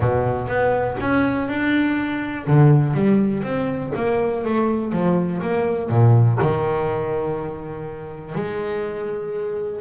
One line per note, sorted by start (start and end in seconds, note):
0.00 0.47 B2
0.47 0.96 B3
1.00 1.48 C#4
1.48 2.46 D4
2.46 2.94 D3
2.94 3.43 G3
3.43 3.92 C4
3.95 4.44 A#3
4.44 4.92 A3
4.92 5.41 F3
5.41 5.89 A#3
5.89 6.38 A#2
6.41 8.34 D#3
8.34 9.81 G#3